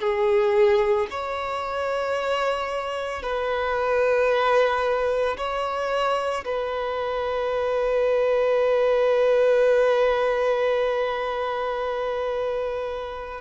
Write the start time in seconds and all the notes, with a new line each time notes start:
0.00 G#4
1.11 C#5
3.22 B4
5.37 C#5
6.45 B4